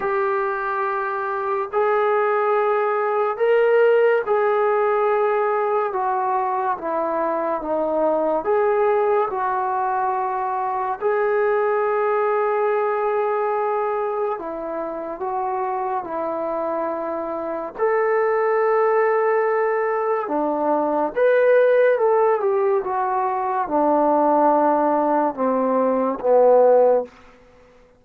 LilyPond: \new Staff \with { instrumentName = "trombone" } { \time 4/4 \tempo 4 = 71 g'2 gis'2 | ais'4 gis'2 fis'4 | e'4 dis'4 gis'4 fis'4~ | fis'4 gis'2.~ |
gis'4 e'4 fis'4 e'4~ | e'4 a'2. | d'4 b'4 a'8 g'8 fis'4 | d'2 c'4 b4 | }